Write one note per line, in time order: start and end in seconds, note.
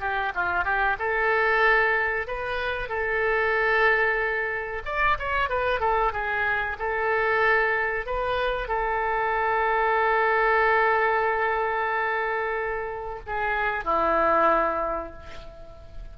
0.00 0.32 G4
0.35 0.64 F4
0.64 0.96 G4
0.99 2.27 A4
2.27 2.89 B4
2.89 4.82 A4
4.85 5.17 D5
5.18 5.49 C#5
5.49 5.80 B4
5.80 6.12 A4
6.12 6.77 G#4
6.79 8.06 A4
8.06 8.68 B4
8.68 13.19 A4
13.26 13.84 G#4
13.84 15.13 E4